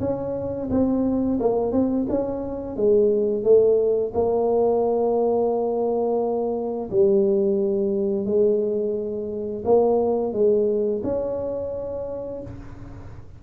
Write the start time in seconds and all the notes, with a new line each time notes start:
0.00 C#4
0.71 C4
1.40 A#3
1.72 C4
2.09 C#4
2.76 G#3
3.44 A3
4.14 A#3
6.90 G3
8.26 G#3
9.65 A#3
10.33 G#3
11.04 C#4